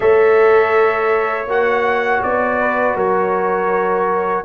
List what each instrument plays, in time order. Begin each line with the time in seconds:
0.00 tuba A3, trombone A4, horn C#5, trumpet E5
1.46 tuba A#3, trombone F#4, trumpet F#5
2.23 tuba B3, trumpet D5
2.60 horn B4
2.95 tuba F#3, horn A#4, trumpet C#5